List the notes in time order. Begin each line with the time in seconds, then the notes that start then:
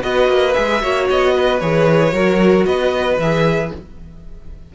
0.00 B3 F#4 B4 D#5
0.28 A#3
0.53 G#3 G#4 E5
0.80 A#3 F#4 C#5
1.10 B3 D#5
1.34 B4
1.59 E3 G#4 C#5
2.12 F#3 F#4 A#4
2.65 B3 B4 D#5
3.18 E3 G#4 E5